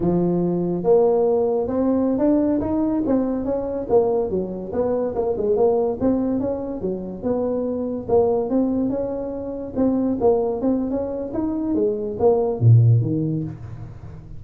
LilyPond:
\new Staff \with { instrumentName = "tuba" } { \time 4/4 \tempo 4 = 143 f2 ais2 | c'4~ c'16 d'4 dis'4 c'8.~ | c'16 cis'4 ais4 fis4 b8.~ | b16 ais8 gis8 ais4 c'4 cis'8.~ |
cis'16 fis4 b2 ais8.~ | ais16 c'4 cis'2 c'8.~ | c'16 ais4 c'8. cis'4 dis'4 | gis4 ais4 ais,4 dis4 | }